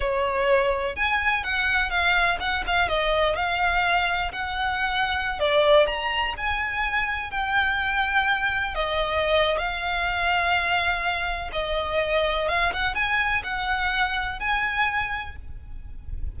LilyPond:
\new Staff \with { instrumentName = "violin" } { \time 4/4 \tempo 4 = 125 cis''2 gis''4 fis''4 | f''4 fis''8 f''8 dis''4 f''4~ | f''4 fis''2~ fis''16 d''8.~ | d''16 ais''4 gis''2 g''8.~ |
g''2~ g''16 dis''4.~ dis''16 | f''1 | dis''2 f''8 fis''8 gis''4 | fis''2 gis''2 | }